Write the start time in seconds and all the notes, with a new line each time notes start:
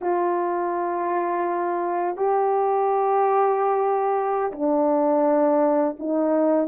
0.01 F4
2.16 G4
4.51 D4
5.99 D#4